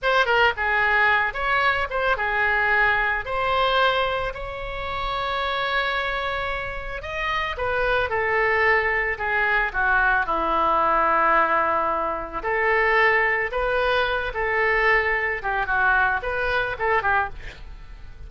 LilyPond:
\new Staff \with { instrumentName = "oboe" } { \time 4/4 \tempo 4 = 111 c''8 ais'8 gis'4. cis''4 c''8 | gis'2 c''2 | cis''1~ | cis''4 dis''4 b'4 a'4~ |
a'4 gis'4 fis'4 e'4~ | e'2. a'4~ | a'4 b'4. a'4.~ | a'8 g'8 fis'4 b'4 a'8 g'8 | }